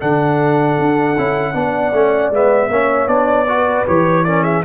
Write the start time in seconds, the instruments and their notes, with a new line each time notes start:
0.00 tuba D3, trombone D4, horn A4, trumpet F#5
0.78 tuba D4
1.17 tuba C#4, trombone E4
1.54 tuba B3, trombone D4, horn D5
1.92 tuba A3, trombone C#4
2.30 tuba G#3, trombone B3, trumpet E5
2.69 tuba A#3, trombone C#4, horn C#5
3.06 tuba B3, trombone D4, trumpet D5
3.48 trombone F#4, horn B4
3.86 tuba E3, trombone G4, trumpet C#5
4.24 trombone C#4, horn A#4, trumpet D5
4.43 horn G#4, trumpet E5